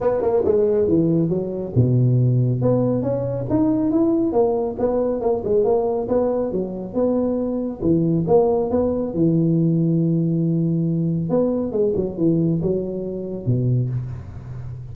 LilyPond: \new Staff \with { instrumentName = "tuba" } { \time 4/4 \tempo 4 = 138 b8 ais8 gis4 e4 fis4 | b,2 b4 cis'4 | dis'4 e'4 ais4 b4 | ais8 gis8 ais4 b4 fis4 |
b2 e4 ais4 | b4 e2.~ | e2 b4 gis8 fis8 | e4 fis2 b,4 | }